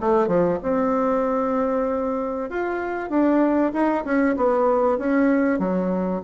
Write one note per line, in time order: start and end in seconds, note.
0.00 0.27 A3
0.27 0.58 F3
0.62 2.49 C4
2.49 3.09 F4
3.09 3.72 D4
3.73 4.04 D#4
4.04 4.36 C#4
4.36 4.98 B3
4.98 5.59 C#4
5.59 6.21 F#3